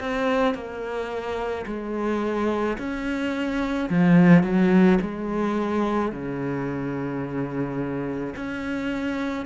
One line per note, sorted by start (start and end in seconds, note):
0.00 0.54 C4
0.54 1.65 A#3
1.66 2.77 G#3
2.78 3.89 C#4
3.89 4.43 F3
4.43 4.98 F#3
5.01 6.12 G#3
6.12 8.34 C#3
8.35 9.45 C#4